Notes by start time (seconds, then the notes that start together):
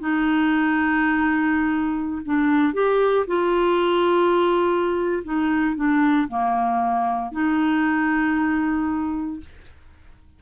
0.00 D#4
2.25 D4
2.74 G4
3.27 F4
5.24 D#4
5.76 D4
6.28 A#3
7.32 D#4